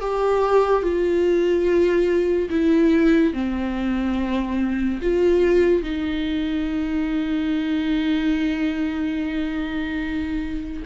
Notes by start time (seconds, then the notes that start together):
0.00 G4
0.82 F4
2.50 E4
3.33 C4
5.02 F4
5.82 D#4